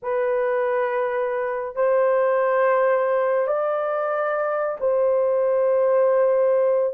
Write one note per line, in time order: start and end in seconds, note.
0.02 1.75 B4
1.75 3.47 C5
3.47 4.77 D5
4.80 6.94 C5